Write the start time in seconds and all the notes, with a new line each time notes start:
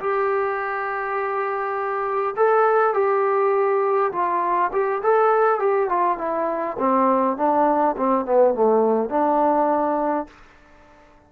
0.00 G4
2.37 A4
2.94 G4
4.13 F4
4.73 G4
5.03 A4
5.60 G4
5.90 F4
6.18 E4
6.79 C4
7.38 D4
7.97 C4
8.26 B3
8.55 A3
9.10 D4